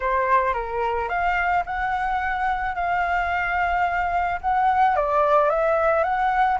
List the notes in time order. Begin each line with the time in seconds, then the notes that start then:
0.00 C5
0.53 A#4
1.08 F5
1.65 F#5
2.75 F5
4.41 F#5
4.95 D5
5.49 E5
6.03 F#5